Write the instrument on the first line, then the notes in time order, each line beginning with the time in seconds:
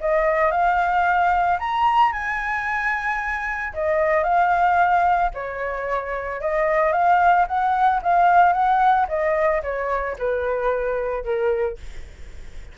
flute
0.00 D#5
0.51 F5
1.59 A#5
2.12 G#5
3.73 D#5
4.23 F5
5.34 C#5
6.41 D#5
6.92 F5
7.48 F#5
8.02 F5
8.52 F#5
9.08 D#5
9.63 C#5
10.18 B4
11.24 A#4